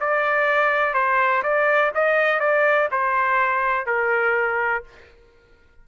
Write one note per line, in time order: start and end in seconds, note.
0.00 0.94 D5
0.94 1.42 C5
1.43 1.91 D5
1.94 2.40 D#5
2.40 2.88 D5
2.91 3.86 C5
3.86 4.84 A#4